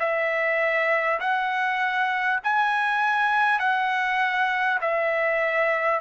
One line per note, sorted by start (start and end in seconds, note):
0.00 1.20 E5
1.20 2.40 F#5
2.43 3.59 G#5
3.59 4.79 F#5
4.82 6.01 E5